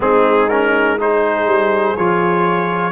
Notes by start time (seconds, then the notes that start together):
0.00 G#3 C4 D#4 G#4
0.49 C#4 A#4
0.99 D#4 G#4 C5
1.45 G3
1.96 F3 F4 C#5